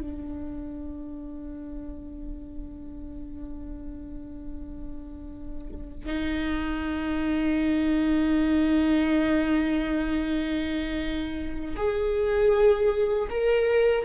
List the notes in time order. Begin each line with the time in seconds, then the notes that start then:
0.00 D4
6.06 D#4
11.76 G#4
13.30 A#4